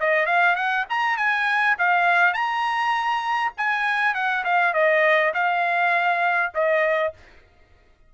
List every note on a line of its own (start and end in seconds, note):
0.00 0.26 D#5
0.26 0.55 F5
0.56 0.85 F#5
0.89 1.17 A#5
1.17 1.77 G#5
1.78 2.33 F5
2.33 3.52 A#5
3.57 4.14 G#5
4.14 4.44 F#5
4.44 4.74 F5
4.74 5.33 D#5
5.34 6.53 F5
6.54 7.13 D#5